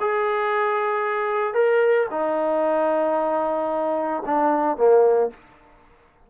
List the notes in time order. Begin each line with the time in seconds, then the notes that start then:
0.00 G#4
1.54 A#4
2.10 D#4
4.26 D4
4.77 A#3